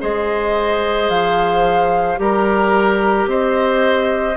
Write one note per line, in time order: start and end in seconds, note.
0.00 1.09 G#3
0.00 2.17 G#4
0.00 2.19 C5
0.00 1.10 D#5
1.09 2.18 F3
1.09 2.19 F5
2.17 3.26 G3
2.17 4.35 G4
2.17 3.29 A#4
2.17 3.29 A#5
3.26 4.35 C4
3.26 4.37 C5
3.26 4.37 D#5